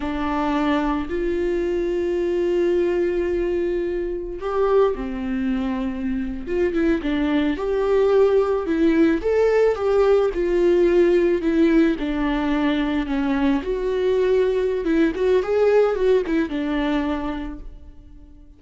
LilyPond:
\new Staff \with { instrumentName = "viola" } { \time 4/4 \tempo 4 = 109 d'2 f'2~ | f'1 | g'4 c'2~ c'8. f'16~ | f'16 e'8 d'4 g'2 e'16~ |
e'8. a'4 g'4 f'4~ f'16~ | f'8. e'4 d'2 cis'16~ | cis'8. fis'2~ fis'16 e'8 fis'8 | gis'4 fis'8 e'8 d'2 | }